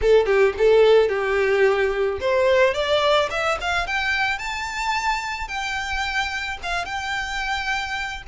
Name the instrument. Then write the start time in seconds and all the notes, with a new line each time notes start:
violin
0.01 A4
0.26 G4
0.58 A4
1.09 G4
2.20 C5
2.74 D5
3.30 E5
3.61 F5
3.87 G5
4.38 A5
5.48 G5
6.62 F5
6.85 G5